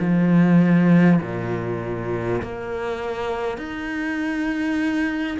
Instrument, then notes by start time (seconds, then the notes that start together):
cello
0.00 F3
1.22 A#2
2.42 A#3
3.58 D#4